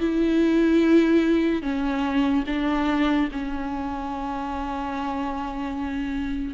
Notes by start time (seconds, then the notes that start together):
0.00 E4
1.63 C#4
2.47 D4
3.32 C#4